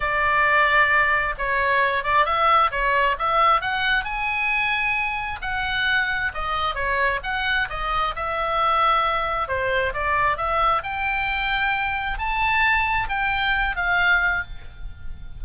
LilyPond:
\new Staff \with { instrumentName = "oboe" } { \time 4/4 \tempo 4 = 133 d''2. cis''4~ | cis''8 d''8 e''4 cis''4 e''4 | fis''4 gis''2. | fis''2 dis''4 cis''4 |
fis''4 dis''4 e''2~ | e''4 c''4 d''4 e''4 | g''2. a''4~ | a''4 g''4. f''4. | }